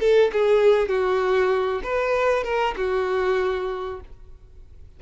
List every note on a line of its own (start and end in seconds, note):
0.00 0.31 A4
0.33 0.89 G#4
0.89 1.82 F#4
1.84 2.44 B4
2.44 2.75 A#4
2.77 4.01 F#4